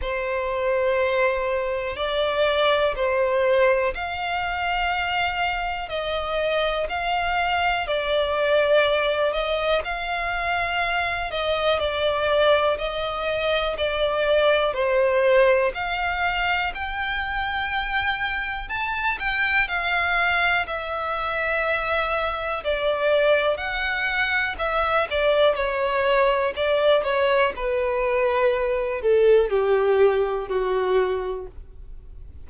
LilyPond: \new Staff \with { instrumentName = "violin" } { \time 4/4 \tempo 4 = 61 c''2 d''4 c''4 | f''2 dis''4 f''4 | d''4. dis''8 f''4. dis''8 | d''4 dis''4 d''4 c''4 |
f''4 g''2 a''8 g''8 | f''4 e''2 d''4 | fis''4 e''8 d''8 cis''4 d''8 cis''8 | b'4. a'8 g'4 fis'4 | }